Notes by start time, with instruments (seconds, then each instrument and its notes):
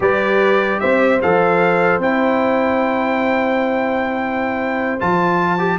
0.00 tuba G3, trombone G4, horn B4, trumpet D5
0.80 tuba C4, horn C5, trumpet E5
1.21 tuba F3, trombone A4, trumpet F5
1.98 tuba C4, trombone E4, trumpet G5
4.99 tuba F3, trombone F4, trumpet A5
5.58 trombone G4